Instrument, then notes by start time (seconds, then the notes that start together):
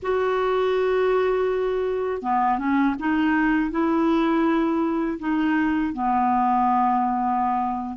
clarinet
0.02 F#4
2.22 B3
2.58 C#4
2.99 D#4
3.70 E4
5.19 D#4
5.93 B3